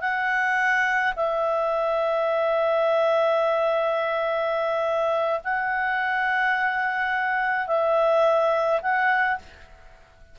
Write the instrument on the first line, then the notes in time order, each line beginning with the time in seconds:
clarinet
0.00 F#5
1.16 E5
5.44 F#5
7.67 E5
8.82 F#5